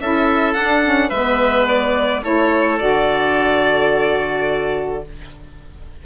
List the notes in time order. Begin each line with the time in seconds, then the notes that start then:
0.00 C#4 E4 A4 E5
0.54 D4 F#5
0.84 C#4
1.09 G#3 B3 B4 E5
1.68 D5
2.23 A3 E4 A4 C#5
2.79 D3 F#4 D5